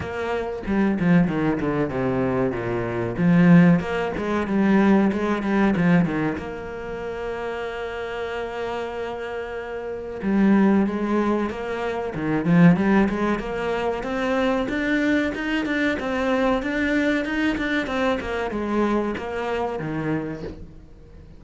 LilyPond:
\new Staff \with { instrumentName = "cello" } { \time 4/4 \tempo 4 = 94 ais4 g8 f8 dis8 d8 c4 | ais,4 f4 ais8 gis8 g4 | gis8 g8 f8 dis8 ais2~ | ais1 |
g4 gis4 ais4 dis8 f8 | g8 gis8 ais4 c'4 d'4 | dis'8 d'8 c'4 d'4 dis'8 d'8 | c'8 ais8 gis4 ais4 dis4 | }